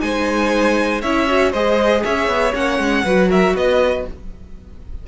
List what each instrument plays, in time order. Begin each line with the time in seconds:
0.00 cello G#3, viola D#4, violin C5 G#5
1.02 cello C#4, viola E4, violin C#5 E5
1.28 viola F#4
1.52 cello G#3, viola G#4, violin C5 D#5
2.04 cello C#4, violin C#5 E5
2.27 cello B3
2.53 cello A#3, viola C#4, violin F#5
2.79 cello G#3
3.04 cello F#3, viola F#4, violin B4
3.29 violin A#4 E5
3.54 cello B3, violin B4 D#5